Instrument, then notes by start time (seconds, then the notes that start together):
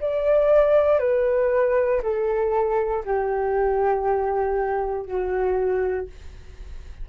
flute
0.00 D5
0.99 B4
2.02 A4
3.05 G4
5.05 F#4